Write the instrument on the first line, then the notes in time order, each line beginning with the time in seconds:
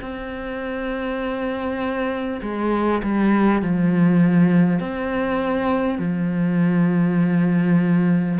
cello
0.00 C4
2.42 G#3
3.03 G3
3.61 F3
4.79 C4
5.98 F3